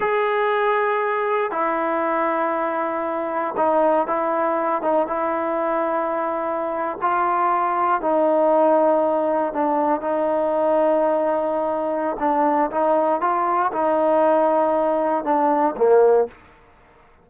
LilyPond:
\new Staff \with { instrumentName = "trombone" } { \time 4/4 \tempo 4 = 118 gis'2. e'4~ | e'2. dis'4 | e'4. dis'8 e'2~ | e'4.~ e'16 f'2 dis'16~ |
dis'2~ dis'8. d'4 dis'16~ | dis'1 | d'4 dis'4 f'4 dis'4~ | dis'2 d'4 ais4 | }